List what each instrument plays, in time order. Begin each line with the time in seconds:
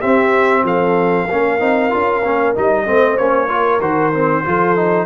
0.00 trombone C4, tuba C4, horn G4, trumpet E5
0.64 tuba F3, horn A4, trumpet F5
1.27 tuba A#3, trombone C#4, horn A#4
1.59 tuba C4, trombone D#4
1.91 tuba C#4, trombone F4
2.24 tuba A#3, trombone C#4
2.55 tuba G3, trombone D#4, trumpet D#5
2.86 tuba A3, trombone C4, horn C5
3.17 tuba A#3, trombone C#4, trumpet C#5
3.48 trombone F4, horn A#4
3.81 tuba D#3, trombone F#4, trumpet C5
4.13 trombone C4
4.45 tuba F3, trombone F4, horn A4
4.76 trombone D#4